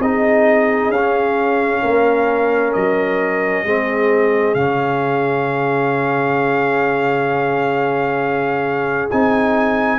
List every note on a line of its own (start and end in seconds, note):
0.00 0.89 C4
0.00 0.94 D#4
0.00 1.83 G#4
0.00 0.92 D#5
0.89 1.80 C#4
0.89 2.73 F5
0.96 3.66 C#4
1.83 2.75 A#3
1.83 3.64 A#4
2.73 3.64 F#3
2.73 4.55 D#5
3.64 4.55 G#3
3.64 4.57 C4
3.64 9.99 G#4
4.55 9.09 C#3
4.55 9.11 C#4
4.55 9.09 F5
9.11 9.99 C4
9.11 9.99 D#4
9.11 9.99 G#5